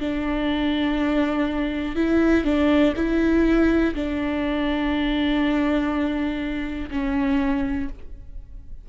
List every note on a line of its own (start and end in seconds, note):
0.00 1.96 D4
1.96 2.45 E4
2.45 2.94 D4
2.96 3.95 E4
3.95 6.90 D4
6.91 7.89 C#4